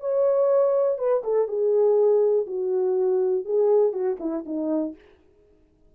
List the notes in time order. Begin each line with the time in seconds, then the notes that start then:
0.00 C#5
0.98 B4
1.24 A4
1.48 G#4
2.47 F#4
3.45 G#4
3.93 F#4
4.20 E4
4.46 D#4